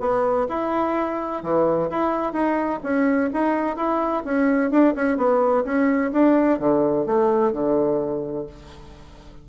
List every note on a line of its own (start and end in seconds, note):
0.00 0.47 B3
0.49 1.43 E4
1.43 1.90 E3
1.90 2.33 E4
2.33 2.80 D#4
2.83 3.30 C#4
3.33 3.77 D#4
3.77 4.24 E4
4.24 4.71 C#4
4.71 4.94 D4
4.95 5.17 C#4
5.17 5.64 B3
5.65 6.12 C#4
6.12 6.59 D4
6.59 7.06 D3
7.06 7.53 A3
7.53 8.47 D3